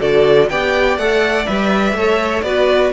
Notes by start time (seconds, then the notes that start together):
0.00 D3 F#4 A4 D5
0.50 B3 G4 D5 G5
0.98 A3 A4 F#5
1.46 G3 B4 E5
1.93 A3 A4 C#5
2.42 B3 F#4 B4 D5